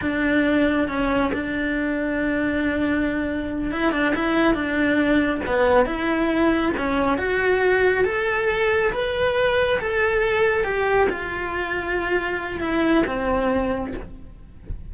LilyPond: \new Staff \with { instrumentName = "cello" } { \time 4/4 \tempo 4 = 138 d'2 cis'4 d'4~ | d'1~ | d'8 e'8 d'8 e'4 d'4.~ | d'8 b4 e'2 cis'8~ |
cis'8 fis'2 a'4.~ | a'8 b'2 a'4.~ | a'8 g'4 f'2~ f'8~ | f'4 e'4 c'2 | }